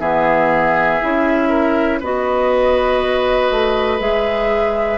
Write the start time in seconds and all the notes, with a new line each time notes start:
0.00 E3 B3 G#4 E5
1.01 C#4 E4
1.49 A#4
2.01 B3 F#4 B4 D#5
3.51 A3
4.00 G#3 G#4 E5